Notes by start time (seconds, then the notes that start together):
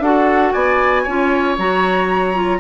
0.00 D4 F#4 A4 F#5
0.53 B3 D5 G#5
1.03 C#4 F4 C#5
1.58 F#3 F#4 A#5
2.34 F4